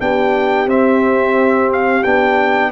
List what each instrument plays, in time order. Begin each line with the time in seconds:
0.00 tuba B3, trombone D4, horn G4, trumpet G5
0.67 tuba C4, trombone C4, trumpet E5
1.73 trumpet F5
2.04 tuba B3, trombone D4, trumpet G5